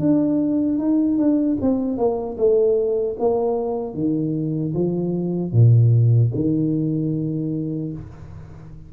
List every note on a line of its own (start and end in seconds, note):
0.00 0.79 D4
0.79 1.18 D#4
1.18 1.57 D4
1.61 1.98 C4
1.98 2.37 A#3
2.38 3.17 A3
3.19 3.94 A#3
3.94 4.73 D#3
4.74 5.52 F3
5.52 6.31 A#2
6.35 7.93 D#3